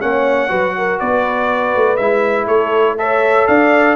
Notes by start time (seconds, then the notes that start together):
0.00 A#3 C#4 C#5 F#5
0.48 F#3 F#4 B4
0.77 A#4
0.99 B3 B4 D5
1.75 A3
1.96 G#3 E4 E5
2.47 A3 A4 C#5
2.98 A4 C#5 E5
3.47 D4 D5 F5